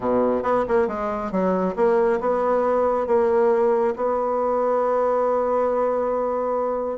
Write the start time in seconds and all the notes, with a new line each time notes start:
0.00 B2
0.42 B3
0.68 A#3
0.87 G#3
1.31 F#3
1.76 A#3
2.20 B3
3.07 A#3
3.95 B3